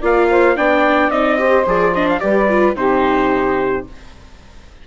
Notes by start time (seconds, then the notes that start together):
0.00 A#3 F4 D5 F5
0.30 C5
0.56 B3 D4 D5 G5
1.10 C4 D#4 D#5
1.37 G4 C5
1.66 F3 G#4 D5
1.94 D4 D#5
2.09 F5
2.19 G3 G4 B4 D5
2.49 F4
2.75 C3 D#4 G4 C5